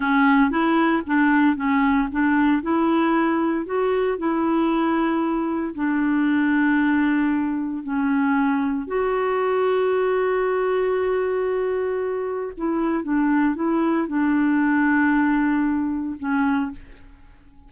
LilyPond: \new Staff \with { instrumentName = "clarinet" } { \time 4/4 \tempo 4 = 115 cis'4 e'4 d'4 cis'4 | d'4 e'2 fis'4 | e'2. d'4~ | d'2. cis'4~ |
cis'4 fis'2.~ | fis'1 | e'4 d'4 e'4 d'4~ | d'2. cis'4 | }